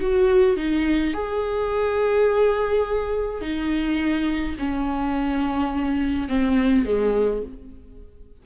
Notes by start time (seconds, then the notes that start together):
0.00 F#4
0.56 D#4
1.13 G#4
3.41 D#4
4.58 C#4
6.28 C4
6.85 G#3